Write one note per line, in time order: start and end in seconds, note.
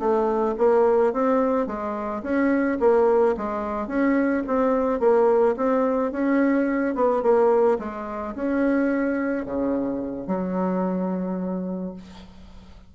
0.00 0.56 A3
0.58 1.14 A#3
1.14 1.67 C4
1.67 2.23 G#3
2.23 2.79 C#4
2.80 3.36 A#3
3.38 3.88 G#3
3.88 4.44 C#4
4.47 5.00 C4
5.00 5.56 A#3
5.57 6.12 C4
6.12 6.96 C#4
6.96 7.23 B3
7.23 7.79 A#3
7.79 8.35 G#3
8.36 9.46 C#4
9.46 10.28 C#3
10.28 11.94 F#3